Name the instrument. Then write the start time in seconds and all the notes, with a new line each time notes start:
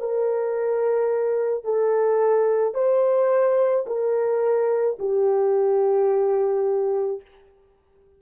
horn
0.00 A#4
1.64 A4
2.75 C5
3.87 A#4
4.99 G4